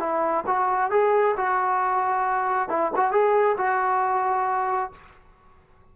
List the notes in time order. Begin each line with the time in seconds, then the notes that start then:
0.00 E4
0.47 F#4
0.91 G#4
1.37 F#4
2.70 E4
2.97 F#4
3.12 G#4
3.58 F#4